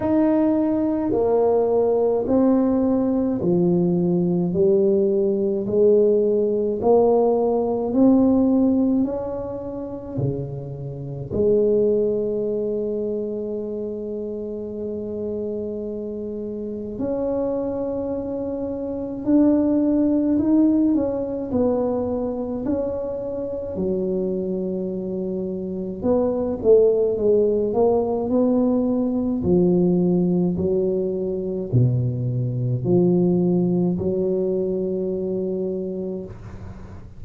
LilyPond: \new Staff \with { instrumentName = "tuba" } { \time 4/4 \tempo 4 = 53 dis'4 ais4 c'4 f4 | g4 gis4 ais4 c'4 | cis'4 cis4 gis2~ | gis2. cis'4~ |
cis'4 d'4 dis'8 cis'8 b4 | cis'4 fis2 b8 a8 | gis8 ais8 b4 f4 fis4 | b,4 f4 fis2 | }